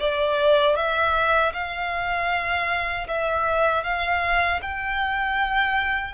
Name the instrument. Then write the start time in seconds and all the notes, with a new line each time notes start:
violin
0.00 D5
0.76 E5
1.53 F5
3.08 E5
3.84 F5
4.62 G5